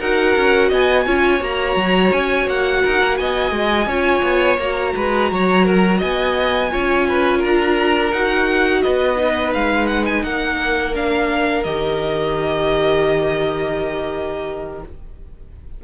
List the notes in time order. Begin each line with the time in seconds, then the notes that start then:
0.00 D#4 F#4 A#4 F#5
0.36 C#4
0.69 B3 D#5 G#5
1.06 C#4 F4 C#5
1.40 A#3 F#4 A#5
1.76 F#3
2.12 C#4 G#5
2.47 A#3 F#5
2.83 D#4 A#4
3.02 A#3
3.17 B3 D#5 G#5
3.51 G#3
3.86 C#4 F4 C#5
4.23 B3
4.58 A#3 F#4 A#5
4.96 G#3 B4
5.32 F#3 C#5
5.65 A#4
5.99 B3 D#5 G#5
6.70 C#4 F4 C#5
7.09 B4
7.39 D4 A#4 A#5
8.12 D#4 F#4 F#5
8.82 B3 B4 D#5
9.17 D#4
9.54 G#3 F5
9.87 F#5
10.06 G#5
10.24 A#3 A#4 F#5
10.94 D4 F5
11.64 D#3 G4 D#5